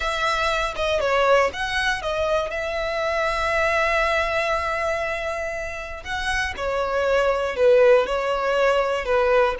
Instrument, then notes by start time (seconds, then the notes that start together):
violin
0.00 E5
0.76 D#5
1.00 C#5
1.53 F#5
2.01 D#5
2.50 E5
6.03 F#5
6.56 C#5
7.56 B4
8.06 C#5
9.05 B4